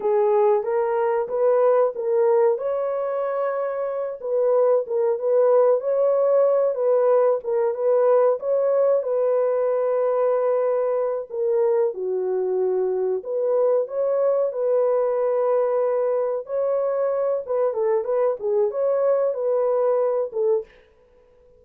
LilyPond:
\new Staff \with { instrumentName = "horn" } { \time 4/4 \tempo 4 = 93 gis'4 ais'4 b'4 ais'4 | cis''2~ cis''8 b'4 ais'8 | b'4 cis''4. b'4 ais'8 | b'4 cis''4 b'2~ |
b'4. ais'4 fis'4.~ | fis'8 b'4 cis''4 b'4.~ | b'4. cis''4. b'8 a'8 | b'8 gis'8 cis''4 b'4. a'8 | }